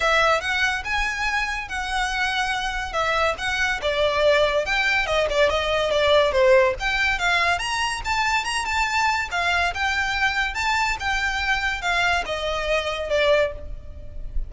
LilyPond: \new Staff \with { instrumentName = "violin" } { \time 4/4 \tempo 4 = 142 e''4 fis''4 gis''2 | fis''2. e''4 | fis''4 d''2 g''4 | dis''8 d''8 dis''4 d''4 c''4 |
g''4 f''4 ais''4 a''4 | ais''8 a''4. f''4 g''4~ | g''4 a''4 g''2 | f''4 dis''2 d''4 | }